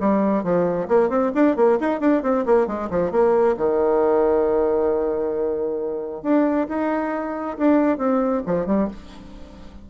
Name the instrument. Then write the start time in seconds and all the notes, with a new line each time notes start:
bassoon
0.00 G3
0.43 F3
0.88 A#3
1.09 C4
1.34 D4
1.56 A#3
1.80 D#4
2.00 D4
2.22 C4
2.45 A#3
2.67 G#3
2.90 F3
3.11 A#3
3.57 D#3
6.22 D4
6.68 D#4
7.58 D4
7.98 C4
8.46 F3
8.66 G3